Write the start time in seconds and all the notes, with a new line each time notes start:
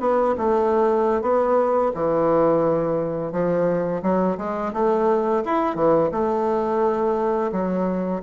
0.00 B3
0.38 A3
1.22 B3
1.94 E3
3.32 F3
4.02 F#3
4.38 G#3
4.73 A3
5.45 E4
5.75 E3
6.12 A3
7.52 F#3